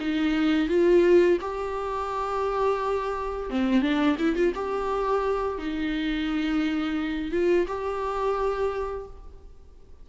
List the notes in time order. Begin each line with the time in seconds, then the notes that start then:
0.00 D#4
0.68 F4
1.41 G4
3.50 C4
3.82 D4
4.18 E4
4.35 F4
4.55 G4
5.58 D#4
7.32 F4
7.67 G4